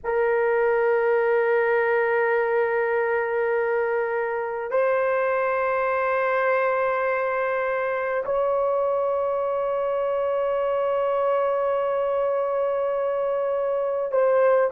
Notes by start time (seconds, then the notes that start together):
0.03 A#4
4.71 C5
8.25 C#5
14.11 C5